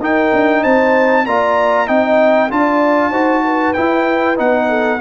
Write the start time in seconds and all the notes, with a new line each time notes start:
0.00 D#4 A#4 G5
0.33 D4
0.63 C4 C5 A5
1.26 A#3 F4 D5 A#5
1.87 C4 D#4 D#5 G5
2.51 D4 F4 D5 A5
3.11 D#4 F#4 C5
3.45 B4
3.74 E4 G5
4.37 B3 D#4 F#5
4.69 A4